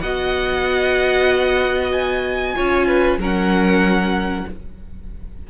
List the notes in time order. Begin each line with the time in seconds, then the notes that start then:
0.00 B3 F#4 D#5 F#5
1.92 G#5
2.55 C#4 F4 C#5
2.87 B4
3.18 F#3 C#4 A#4 F#5